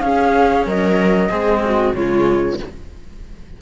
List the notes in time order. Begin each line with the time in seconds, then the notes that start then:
0.00 C#4 G#4 F5
0.66 F#3 A#4 D#5
1.29 G#3 C4 G#4
1.65 F#4
1.93 C#3 G#3 F4 C#5